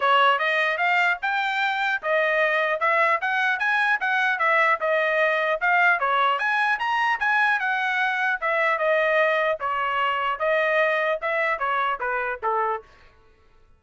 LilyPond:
\new Staff \with { instrumentName = "trumpet" } { \time 4/4 \tempo 4 = 150 cis''4 dis''4 f''4 g''4~ | g''4 dis''2 e''4 | fis''4 gis''4 fis''4 e''4 | dis''2 f''4 cis''4 |
gis''4 ais''4 gis''4 fis''4~ | fis''4 e''4 dis''2 | cis''2 dis''2 | e''4 cis''4 b'4 a'4 | }